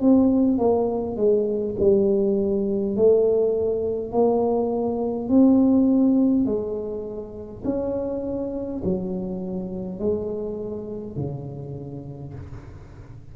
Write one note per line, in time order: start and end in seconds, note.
0.00 0.58 C4
0.58 1.16 A#3
1.16 1.75 G#3
1.79 2.96 G3
2.96 4.11 A3
4.11 5.29 A#3
5.29 6.45 C4
6.45 7.63 G#3
7.64 8.82 C#4
8.84 9.99 F#3
9.99 11.16 G#3
11.16 12.34 C#3